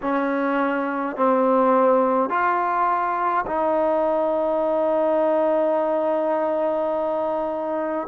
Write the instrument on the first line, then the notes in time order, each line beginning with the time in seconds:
trombone
0.02 C#4
1.16 C4
2.29 F4
3.46 D#4